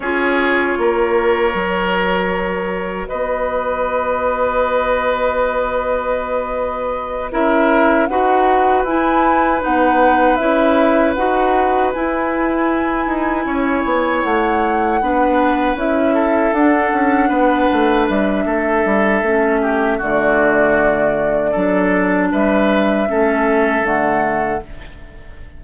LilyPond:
<<
  \new Staff \with { instrumentName = "flute" } { \time 4/4 \tempo 4 = 78 cis''1 | dis''1~ | dis''4. e''4 fis''4 gis''8~ | gis''8 fis''4 e''4 fis''4 gis''8~ |
gis''2~ gis''8 fis''4.~ | fis''8 e''4 fis''2 e''8~ | e''2 d''2~ | d''4 e''2 fis''4 | }
  \new Staff \with { instrumentName = "oboe" } { \time 4/4 gis'4 ais'2. | b'1~ | b'4. ais'4 b'4.~ | b'1~ |
b'4. cis''2 b'8~ | b'4 a'4. b'4. | a'4. g'8 fis'2 | a'4 b'4 a'2 | }
  \new Staff \with { instrumentName = "clarinet" } { \time 4/4 f'2 fis'2~ | fis'1~ | fis'4. e'4 fis'4 e'8~ | e'8 dis'4 e'4 fis'4 e'8~ |
e'2.~ e'8 d'8~ | d'8 e'4 d'2~ d'8~ | d'4 cis'4 a2 | d'2 cis'4 a4 | }
  \new Staff \with { instrumentName = "bassoon" } { \time 4/4 cis'4 ais4 fis2 | b1~ | b4. cis'4 dis'4 e'8~ | e'8 b4 cis'4 dis'4 e'8~ |
e'4 dis'8 cis'8 b8 a4 b8~ | b8 cis'4 d'8 cis'8 b8 a8 g8 | a8 g8 a4 d2 | fis4 g4 a4 d4 | }
>>